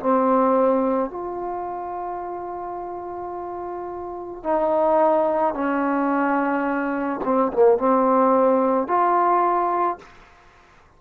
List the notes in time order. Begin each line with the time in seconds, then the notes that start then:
0.00 C4
1.10 F4
4.43 D#4
5.54 C#4
7.24 C4
7.53 A#3
7.78 C4
8.87 F4